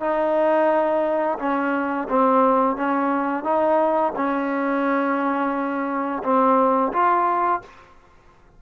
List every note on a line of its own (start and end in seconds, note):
0.00 1.38 D#4
1.39 2.08 C#4
2.09 2.76 C4
2.76 3.44 C#4
3.44 4.13 D#4
4.16 6.23 C#4
6.23 6.92 C4
6.92 7.61 F4